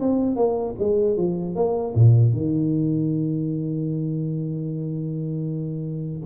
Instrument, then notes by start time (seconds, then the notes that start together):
tuba
0.00 C4
0.36 A#3
0.80 G#3
1.17 F3
1.55 A#3
1.95 A#2
2.33 D#3